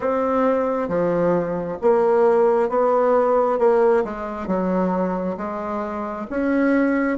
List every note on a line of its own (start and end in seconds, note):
0.00 0.88 C4
0.88 1.77 F3
1.82 2.69 A#3
2.69 3.58 B3
3.58 4.03 A#3
4.04 4.47 G#3
4.47 5.36 F#3
5.37 6.26 G#3
6.30 7.17 C#4